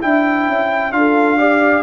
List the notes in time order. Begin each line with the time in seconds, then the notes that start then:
0.00 D4 E4 E5 G5
0.47 C#4
0.92 D4 F4 A4 F5
1.37 G4 D5